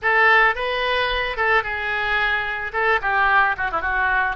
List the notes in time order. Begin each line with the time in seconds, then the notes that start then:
0.01 A4
0.55 B4
1.36 A4
1.63 G#4
2.72 A4
3.01 G4
3.57 F#4
3.71 E4
3.81 F#4